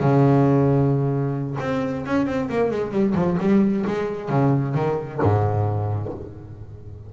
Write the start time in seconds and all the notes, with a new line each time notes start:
0.00 C#3
1.60 C4
2.06 C#4
2.26 C4
2.49 A#3
2.71 G#3
2.92 G3
3.15 F3
3.40 G3
3.87 G#3
4.29 C#3
4.75 D#3
5.22 G#2